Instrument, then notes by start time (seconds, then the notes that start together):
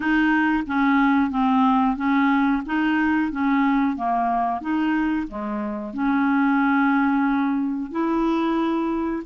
clarinet
0.00 D#4
0.66 C#4
1.30 C4
1.96 C#4
2.66 D#4
3.31 C#4
3.96 A#3
4.61 D#4
5.27 G#3
5.93 C#4
7.91 E4